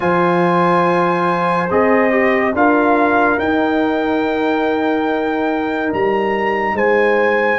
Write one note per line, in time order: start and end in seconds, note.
0.00 1.70 F3
0.00 1.68 F4
0.00 2.54 C5
0.00 1.69 G#5
1.70 2.53 C4
1.70 2.10 G#4
1.70 2.55 D#5
2.10 2.53 G4
2.53 3.38 D4
2.53 3.39 F4
2.53 6.75 A#4
2.53 3.39 F5
3.38 5.92 D#4
3.38 7.59 D#4
3.38 5.92 G5
5.93 6.73 G3
5.93 6.77 A#5
6.73 7.57 G#3
6.73 7.59 C5
6.73 7.59 G#5